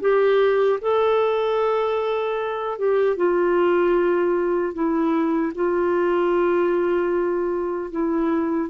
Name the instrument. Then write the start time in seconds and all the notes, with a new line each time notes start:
clarinet
0.00 G4
0.81 A4
2.78 G4
3.16 F4
4.73 E4
5.54 F4
7.91 E4